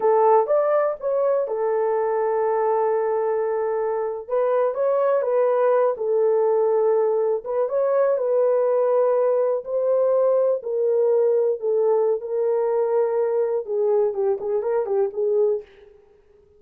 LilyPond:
\new Staff \with { instrumentName = "horn" } { \time 4/4 \tempo 4 = 123 a'4 d''4 cis''4 a'4~ | a'1~ | a'8. b'4 cis''4 b'4~ b'16~ | b'16 a'2. b'8 cis''16~ |
cis''8. b'2. c''16~ | c''4.~ c''16 ais'2 a'16~ | a'4 ais'2. | gis'4 g'8 gis'8 ais'8 g'8 gis'4 | }